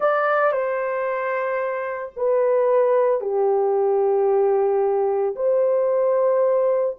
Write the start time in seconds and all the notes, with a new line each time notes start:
0.00 D5
0.52 C5
2.16 B4
3.20 G4
5.35 C5